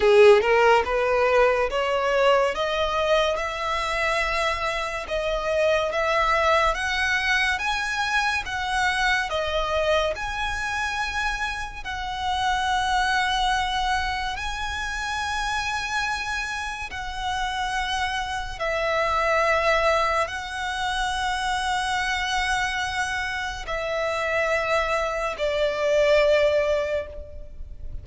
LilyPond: \new Staff \with { instrumentName = "violin" } { \time 4/4 \tempo 4 = 71 gis'8 ais'8 b'4 cis''4 dis''4 | e''2 dis''4 e''4 | fis''4 gis''4 fis''4 dis''4 | gis''2 fis''2~ |
fis''4 gis''2. | fis''2 e''2 | fis''1 | e''2 d''2 | }